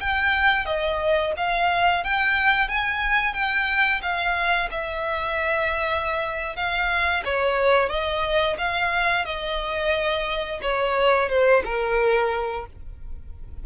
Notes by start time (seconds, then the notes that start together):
0.00 G5
0.66 D#5
1.37 F5
2.04 G5
2.68 G#5
3.34 G5
4.02 F5
4.71 E5
6.56 F5
7.25 C#5
7.89 D#5
8.58 F5
9.25 D#5
10.62 C#5
11.29 C5
11.65 A#4